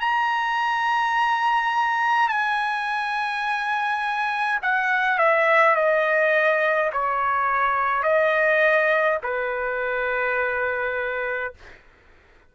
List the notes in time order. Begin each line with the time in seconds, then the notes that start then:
0.00 A#5
2.29 G#5
4.62 F#5
5.18 E5
5.76 D#5
6.93 C#5
8.03 D#5
9.23 B4